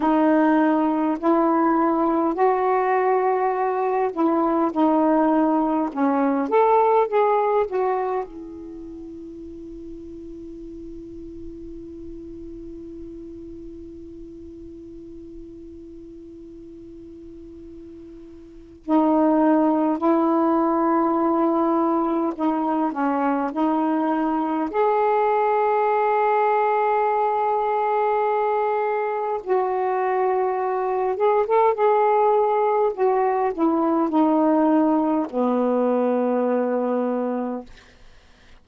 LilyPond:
\new Staff \with { instrumentName = "saxophone" } { \time 4/4 \tempo 4 = 51 dis'4 e'4 fis'4. e'8 | dis'4 cis'8 a'8 gis'8 fis'8 e'4~ | e'1~ | e'1 |
dis'4 e'2 dis'8 cis'8 | dis'4 gis'2.~ | gis'4 fis'4. gis'16 a'16 gis'4 | fis'8 e'8 dis'4 b2 | }